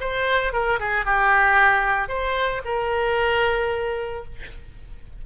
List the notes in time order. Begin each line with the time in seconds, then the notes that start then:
0.00 C5
0.52 A#4
0.79 G#4
1.05 G4
2.08 C5
2.65 A#4